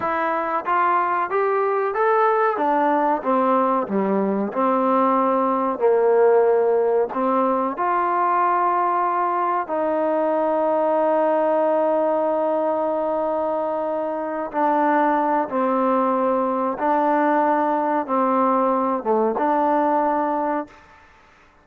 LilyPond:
\new Staff \with { instrumentName = "trombone" } { \time 4/4 \tempo 4 = 93 e'4 f'4 g'4 a'4 | d'4 c'4 g4 c'4~ | c'4 ais2 c'4 | f'2. dis'4~ |
dis'1~ | dis'2~ dis'8 d'4. | c'2 d'2 | c'4. a8 d'2 | }